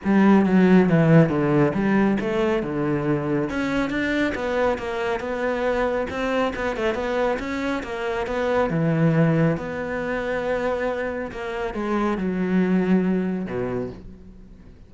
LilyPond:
\new Staff \with { instrumentName = "cello" } { \time 4/4 \tempo 4 = 138 g4 fis4 e4 d4 | g4 a4 d2 | cis'4 d'4 b4 ais4 | b2 c'4 b8 a8 |
b4 cis'4 ais4 b4 | e2 b2~ | b2 ais4 gis4 | fis2. b,4 | }